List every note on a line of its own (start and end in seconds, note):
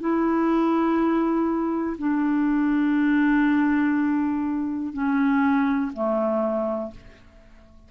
0.00 1.97 E4
1.98 4.93 D4
4.93 5.92 C#4
5.93 6.91 A3